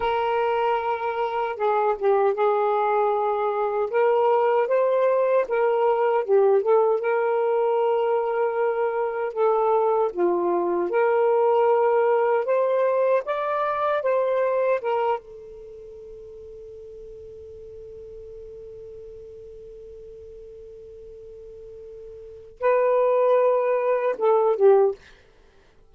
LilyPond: \new Staff \with { instrumentName = "saxophone" } { \time 4/4 \tempo 4 = 77 ais'2 gis'8 g'8 gis'4~ | gis'4 ais'4 c''4 ais'4 | g'8 a'8 ais'2. | a'4 f'4 ais'2 |
c''4 d''4 c''4 ais'8 a'8~ | a'1~ | a'1~ | a'4 b'2 a'8 g'8 | }